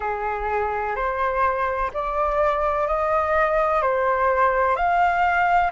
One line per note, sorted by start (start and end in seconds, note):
0.00 0.95 G#4
0.95 1.90 C5
1.93 2.87 D5
2.87 3.81 D#5
3.81 4.76 C5
4.76 5.71 F5